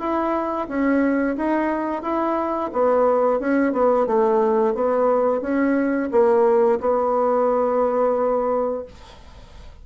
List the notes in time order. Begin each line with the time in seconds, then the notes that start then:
0.00 E4
0.68 C#4
1.37 D#4
2.03 E4
2.73 B3
3.40 C#4
3.73 B3
4.07 A3
4.75 B3
5.42 C#4
6.12 A#3
6.81 B3